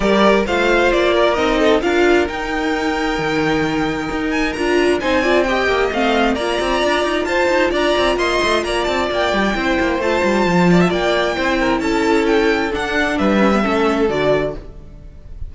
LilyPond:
<<
  \new Staff \with { instrumentName = "violin" } { \time 4/4 \tempo 4 = 132 d''4 f''4 d''4 dis''4 | f''4 g''2.~ | g''4. gis''8 ais''4 gis''4 | g''4 f''4 ais''2 |
a''4 ais''4 c'''4 ais''8 a''8 | g''2 a''2 | g''2 a''4 g''4 | fis''4 e''2 d''4 | }
  \new Staff \with { instrumentName = "violin" } { \time 4/4 ais'4 c''4. ais'4 a'8 | ais'1~ | ais'2. c''8 d''8 | dis''2 d''2 |
c''4 d''4 dis''4 d''4~ | d''4 c''2~ c''8 d''16 e''16 | d''4 c''8 ais'8 a'2~ | a'4 b'4 a'2 | }
  \new Staff \with { instrumentName = "viola" } { \time 4/4 g'4 f'2 dis'4 | f'4 dis'2.~ | dis'2 f'4 dis'8 f'8 | g'4 c'4 f'2~ |
f'1~ | f'4 e'4 f'2~ | f'4 e'2. | d'4. cis'16 b16 cis'4 fis'4 | }
  \new Staff \with { instrumentName = "cello" } { \time 4/4 g4 a4 ais4 c'4 | d'4 dis'2 dis4~ | dis4 dis'4 d'4 c'4~ | c'8 ais8 a4 ais8 c'8 d'8 dis'8 |
f'8 dis'8 d'8 c'8 ais8 a8 ais8 c'8 | ais8 g8 c'8 ais8 a8 g8 f4 | ais4 c'4 cis'2 | d'4 g4 a4 d4 | }
>>